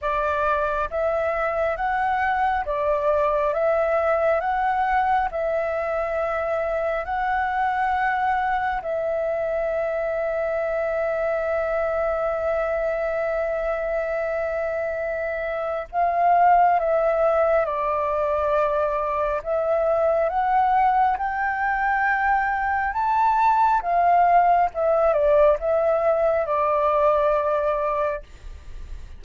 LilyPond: \new Staff \with { instrumentName = "flute" } { \time 4/4 \tempo 4 = 68 d''4 e''4 fis''4 d''4 | e''4 fis''4 e''2 | fis''2 e''2~ | e''1~ |
e''2 f''4 e''4 | d''2 e''4 fis''4 | g''2 a''4 f''4 | e''8 d''8 e''4 d''2 | }